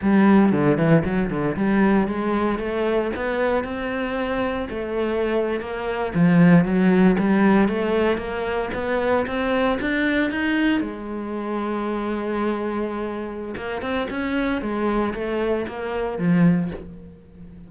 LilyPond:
\new Staff \with { instrumentName = "cello" } { \time 4/4 \tempo 4 = 115 g4 d8 e8 fis8 d8 g4 | gis4 a4 b4 c'4~ | c'4 a4.~ a16 ais4 f16~ | f8. fis4 g4 a4 ais16~ |
ais8. b4 c'4 d'4 dis'16~ | dis'8. gis2.~ gis16~ | gis2 ais8 c'8 cis'4 | gis4 a4 ais4 f4 | }